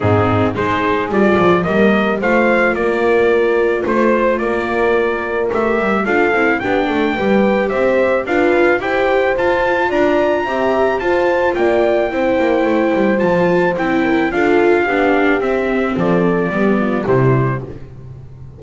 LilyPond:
<<
  \new Staff \with { instrumentName = "trumpet" } { \time 4/4 \tempo 4 = 109 gis'4 c''4 d''4 dis''4 | f''4 d''2 c''4 | d''2 e''4 f''4 | g''2 e''4 f''4 |
g''4 a''4 ais''2 | a''4 g''2. | a''4 g''4 f''2 | e''4 d''2 c''4 | }
  \new Staff \with { instrumentName = "horn" } { \time 4/4 dis'4 gis'2 ais'4 | c''4 ais'2 c''4 | ais'2. a'4 | g'8 a'8 b'4 c''4 b'4 |
c''2 d''4 e''4 | c''4 d''4 c''2~ | c''4. ais'8 a'4 g'4~ | g'4 a'4 g'8 f'8 e'4 | }
  \new Staff \with { instrumentName = "viola" } { \time 4/4 c'4 dis'4 f'4 ais4 | f'1~ | f'2 g'4 f'8 e'8 | d'4 g'2 f'4 |
g'4 f'2 g'4 | f'2 e'2 | f'4 e'4 f'4 d'4 | c'2 b4 g4 | }
  \new Staff \with { instrumentName = "double bass" } { \time 4/4 gis,4 gis4 g8 f8 g4 | a4 ais2 a4 | ais2 a8 g8 d'8 c'8 | b8 a8 g4 c'4 d'4 |
e'4 f'4 d'4 c'4 | f'4 ais4 c'8 ais8 a8 g8 | f4 c'4 d'4 b4 | c'4 f4 g4 c4 | }
>>